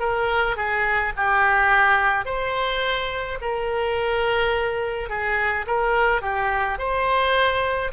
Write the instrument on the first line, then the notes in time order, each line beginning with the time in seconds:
oboe
0.00 A#4
0.57 G#4
1.16 G4
2.25 C5
3.41 A#4
5.09 G#4
5.67 A#4
6.22 G4
6.79 C5